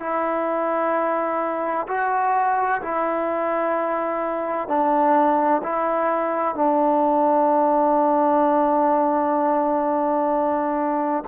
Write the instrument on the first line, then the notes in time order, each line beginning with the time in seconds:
trombone
0.00 E4
1.88 F#4
2.82 E4
4.68 D4
5.63 E4
6.55 D4